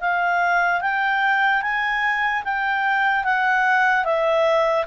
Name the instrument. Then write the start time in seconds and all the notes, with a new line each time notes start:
clarinet
0.00 F5
0.81 G5
1.62 G#5
2.44 G5
3.24 F#5
4.04 E5